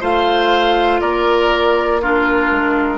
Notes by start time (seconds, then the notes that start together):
0.00 A3 F4 C5 F5
1.00 A#3 A#4 D5
2.01 D4 F4 A#4
2.50 G#3